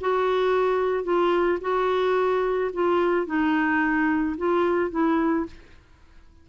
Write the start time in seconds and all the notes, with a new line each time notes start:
0.00 F#4
1.03 F4
1.60 F#4
2.73 F4
3.26 D#4
4.37 F4
4.90 E4